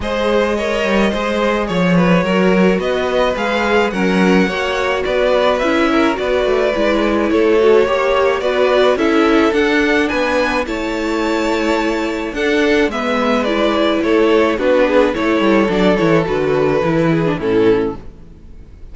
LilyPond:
<<
  \new Staff \with { instrumentName = "violin" } { \time 4/4 \tempo 4 = 107 dis''2. cis''4~ | cis''4 dis''4 f''4 fis''4~ | fis''4 d''4 e''4 d''4~ | d''4 cis''2 d''4 |
e''4 fis''4 gis''4 a''4~ | a''2 fis''4 e''4 | d''4 cis''4 b'4 cis''4 | d''8 cis''8 b'2 a'4 | }
  \new Staff \with { instrumentName = "violin" } { \time 4/4 c''4 cis''4 c''4 cis''8 b'8 | ais'4 b'2 ais'4 | cis''4 b'4. ais'8 b'4~ | b'4 a'4 cis''4 b'4 |
a'2 b'4 cis''4~ | cis''2 a'4 b'4~ | b'4 a'4 fis'8 gis'8 a'4~ | a'2~ a'8 gis'8 e'4 | }
  \new Staff \with { instrumentName = "viola" } { \time 4/4 gis'4 ais'4 gis'2 | fis'2 gis'4 cis'4 | fis'2 e'4 fis'4 | e'4. fis'8 g'4 fis'4 |
e'4 d'2 e'4~ | e'2 d'4 b4 | e'2 d'4 e'4 | d'8 e'8 fis'4 e'8. d'16 cis'4 | }
  \new Staff \with { instrumentName = "cello" } { \time 4/4 gis4. g8 gis4 f4 | fis4 b4 gis4 fis4 | ais4 b4 cis'4 b8 a8 | gis4 a4 ais4 b4 |
cis'4 d'4 b4 a4~ | a2 d'4 gis4~ | gis4 a4 b4 a8 g8 | fis8 e8 d4 e4 a,4 | }
>>